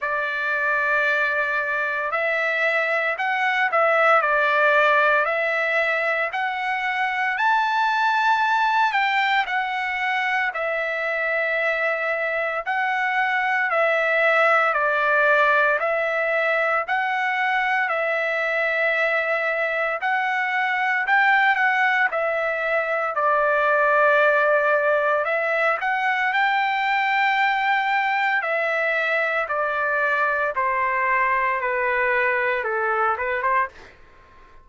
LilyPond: \new Staff \with { instrumentName = "trumpet" } { \time 4/4 \tempo 4 = 57 d''2 e''4 fis''8 e''8 | d''4 e''4 fis''4 a''4~ | a''8 g''8 fis''4 e''2 | fis''4 e''4 d''4 e''4 |
fis''4 e''2 fis''4 | g''8 fis''8 e''4 d''2 | e''8 fis''8 g''2 e''4 | d''4 c''4 b'4 a'8 b'16 c''16 | }